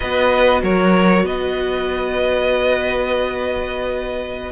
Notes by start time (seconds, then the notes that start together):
0.00 B3 F#4 B4 D#5
0.62 F#3 A#4 C#5
1.23 B3 B4 D#5